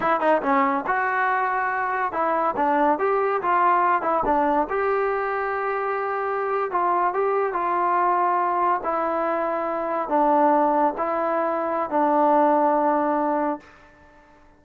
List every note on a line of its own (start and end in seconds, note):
0.00 0.20 E4
0.20 0.41 D#4
0.42 0.84 C#4
0.86 2.12 F#4
2.12 2.55 E4
2.56 2.98 D4
2.98 3.41 G4
3.42 4.02 F4
4.02 4.23 E4
4.25 4.67 D4
4.69 6.71 G4
6.71 7.13 F4
7.13 7.53 G4
7.53 8.80 F4
8.83 10.08 E4
10.08 10.93 D4
10.97 11.90 E4
11.90 13.60 D4